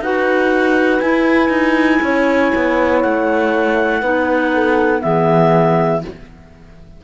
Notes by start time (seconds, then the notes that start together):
0.00 D#4 F#4 B4 F#5
1.00 E4 G#5
1.49 D#4
2.02 C#4 C#5
2.55 B3
3.02 A3 F#5
4.01 B3 D#4 B4
4.54 A4
5.01 E3 B3 G#4 E5